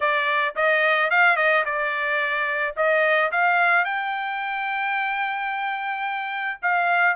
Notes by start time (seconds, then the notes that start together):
0.00 D5
0.55 D#5
1.10 F5
1.36 D#5
1.65 D5
2.76 D#5
3.31 F5
3.85 G5
6.62 F5